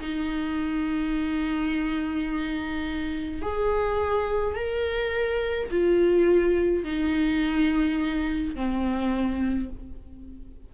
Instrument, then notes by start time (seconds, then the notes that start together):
viola
0.00 D#4
3.42 G#4
4.55 A#4
5.70 F4
6.83 D#4
8.55 C4